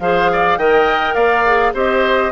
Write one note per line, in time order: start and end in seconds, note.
0.00 0.58 F3
0.00 0.59 G#4
0.00 0.32 C5
0.00 0.58 F5
0.33 0.59 D5
0.58 1.15 D#3
0.58 1.46 A#4
0.58 1.15 D#5
0.58 1.15 G5
1.15 1.73 A#3
1.15 1.73 D5
1.15 1.73 F5
1.46 1.74 G#4
1.74 2.32 C4
1.74 2.32 G4
1.74 2.32 C5
1.74 2.32 D#5